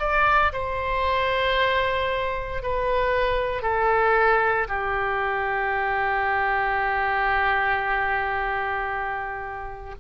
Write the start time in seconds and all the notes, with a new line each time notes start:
0.00 D5
0.53 C5
2.63 B4
3.63 A4
4.69 G4